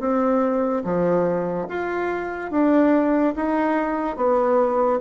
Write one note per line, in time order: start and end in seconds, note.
0.00 0.83 C4
0.84 1.68 F3
1.69 2.51 F4
2.51 3.34 D4
3.36 4.17 D#4
4.17 5.00 B3